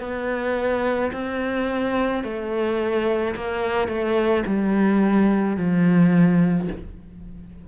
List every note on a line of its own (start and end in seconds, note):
0.00 1.11 B3
1.13 2.24 C4
2.24 3.35 A3
3.36 3.88 A#3
3.88 4.44 A3
4.46 5.57 G3
5.57 6.68 F3